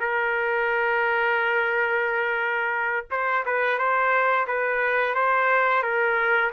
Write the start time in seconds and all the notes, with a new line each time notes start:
0.00 A#4
3.11 C5
3.46 B4
3.78 C5
4.47 B4
5.15 C5
5.83 A#4